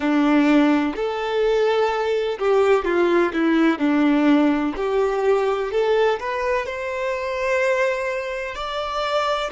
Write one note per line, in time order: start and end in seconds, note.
0.00 0.94 D4
0.95 2.38 A4
2.39 2.84 G4
2.84 3.32 F4
3.33 3.78 E4
3.78 4.74 D4
4.76 5.71 G4
5.71 6.19 A4
6.19 6.65 B4
6.65 8.55 C5
8.55 9.50 D5